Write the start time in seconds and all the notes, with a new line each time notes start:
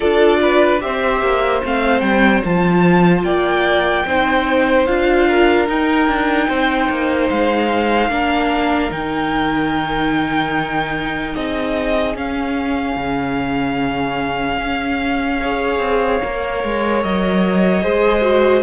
0.00 D4 F4 A4 D5
0.42 B4
0.80 C4 G4 C5 E5
1.21 A#3
1.64 A3 C4 F5
2.00 G3 G5
2.43 F3 F4 A5
3.23 A#3 D5 G5
4.05 C4 D#4 C5
4.85 D4 F4 F5
5.28 A#4
5.67 D#4 G5
6.07 D4
6.47 C4 C5
6.89 A#3
7.29 G#3 F5
8.08 A#3 D4 A#4
8.90 D#3 D#4 G5
11.34 C4 G#4 D#5
12.15 C#4 F5
12.96 C#3
14.57 C#4
15.40 G#4 C#5
15.78 C4
16.23 A#3 A#4
16.63 G#3
17.02 F#3 D#5
17.82 G#3 G#4 C5
18.21 F#4